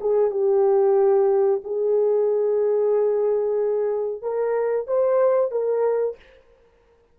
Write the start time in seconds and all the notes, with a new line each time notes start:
0.00 G#4
0.31 G4
1.64 G#4
4.22 A#4
4.87 C5
5.51 A#4